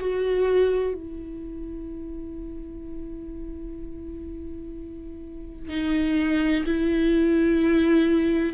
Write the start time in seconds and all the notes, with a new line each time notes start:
0.00 F#4
0.94 E4
5.69 D#4
6.66 E4